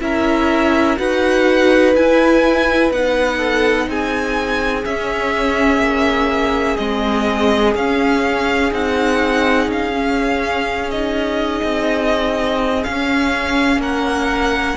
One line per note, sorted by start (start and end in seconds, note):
0.00 0.97 C#4
0.00 0.97 E4
0.00 0.99 A#4
0.00 0.98 E5
0.97 1.96 D#4
0.97 1.94 F#4
0.97 3.37 B4
0.97 1.94 F#5
1.95 2.92 E4
1.95 2.91 E4
1.95 2.92 G#5
2.91 3.87 B3
2.91 4.84 D#4
2.91 3.89 F#5
3.37 3.86 A4
3.87 4.84 C4
3.87 13.80 G#4
3.87 4.84 G#5
4.84 6.77 C#4
4.84 5.78 C#4
4.84 6.77 E5
5.78 6.75 A#3
6.77 7.75 G#3
6.77 7.74 C4
6.77 7.73 D#5
7.75 8.71 C#4
7.75 8.73 F5
8.71 9.67 C4
8.71 9.92 D#4
8.71 9.70 F#5
9.67 11.61 C#4
9.67 10.91 F5
9.93 10.89 C#4
10.91 12.83 D#4
10.91 12.84 D#5
11.64 12.84 C4
12.83 14.77 C#4
12.83 13.77 C#4
12.83 13.80 F5
13.77 14.74 A#3
13.77 14.77 A#4
13.77 14.77 F#5